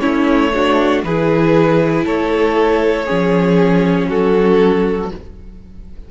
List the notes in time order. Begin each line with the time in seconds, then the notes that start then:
0.00 A3 C#4 E4 C#5
0.54 D4 F#4
1.04 E3 E4 G#4 B4
2.05 A3 A4 C#5
3.06 F3 C#4 G#4
4.08 F#3 F#4 A4